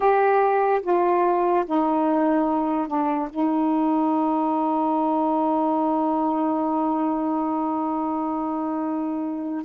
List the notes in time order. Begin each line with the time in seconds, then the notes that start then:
0.00 G4
0.82 F4
1.66 D#4
2.87 D4
3.30 D#4